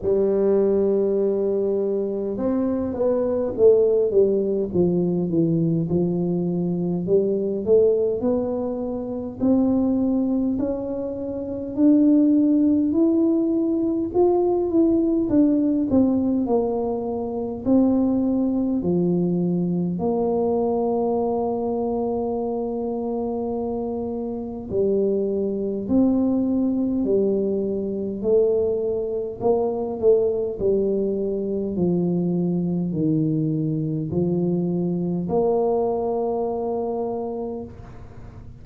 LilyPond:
\new Staff \with { instrumentName = "tuba" } { \time 4/4 \tempo 4 = 51 g2 c'8 b8 a8 g8 | f8 e8 f4 g8 a8 b4 | c'4 cis'4 d'4 e'4 | f'8 e'8 d'8 c'8 ais4 c'4 |
f4 ais2.~ | ais4 g4 c'4 g4 | a4 ais8 a8 g4 f4 | dis4 f4 ais2 | }